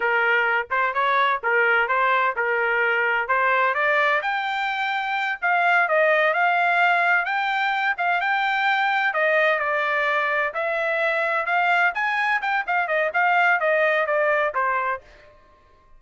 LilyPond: \new Staff \with { instrumentName = "trumpet" } { \time 4/4 \tempo 4 = 128 ais'4. c''8 cis''4 ais'4 | c''4 ais'2 c''4 | d''4 g''2~ g''8 f''8~ | f''8 dis''4 f''2 g''8~ |
g''4 f''8 g''2 dis''8~ | dis''8 d''2 e''4.~ | e''8 f''4 gis''4 g''8 f''8 dis''8 | f''4 dis''4 d''4 c''4 | }